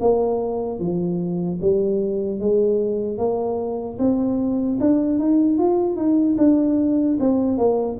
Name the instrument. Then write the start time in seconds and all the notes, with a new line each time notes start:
tuba
0.00 A#3
0.79 F3
1.61 G3
2.40 G#3
3.18 A#3
3.98 C4
4.80 D4
5.19 D#4
5.58 F4
5.96 D#4
6.38 D4
7.20 C4
7.57 A#3